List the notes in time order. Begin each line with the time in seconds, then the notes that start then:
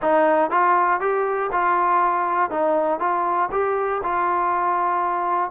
0.02 D#4
0.50 F4
1.00 G4
1.51 F4
2.50 D#4
2.99 F4
3.51 G4
4.03 F4